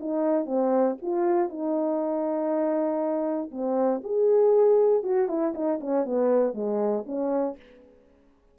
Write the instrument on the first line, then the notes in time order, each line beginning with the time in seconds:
horn
0.00 D#4
0.46 C4
1.02 F4
1.49 D#4
3.51 C4
4.04 G#4
5.03 F#4
5.28 E4
5.54 D#4
5.81 C#4
6.05 B3
6.54 G#3
7.06 C#4